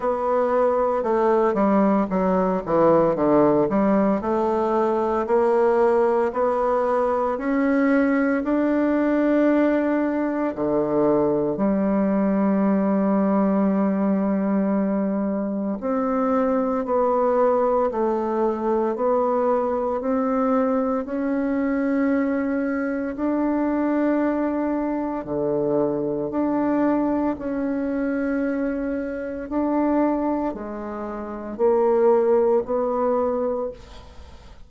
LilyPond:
\new Staff \with { instrumentName = "bassoon" } { \time 4/4 \tempo 4 = 57 b4 a8 g8 fis8 e8 d8 g8 | a4 ais4 b4 cis'4 | d'2 d4 g4~ | g2. c'4 |
b4 a4 b4 c'4 | cis'2 d'2 | d4 d'4 cis'2 | d'4 gis4 ais4 b4 | }